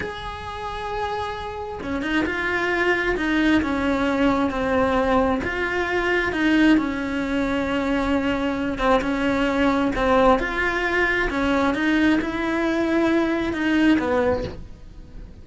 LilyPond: \new Staff \with { instrumentName = "cello" } { \time 4/4 \tempo 4 = 133 gis'1 | cis'8 dis'8 f'2 dis'4 | cis'2 c'2 | f'2 dis'4 cis'4~ |
cis'2.~ cis'8 c'8 | cis'2 c'4 f'4~ | f'4 cis'4 dis'4 e'4~ | e'2 dis'4 b4 | }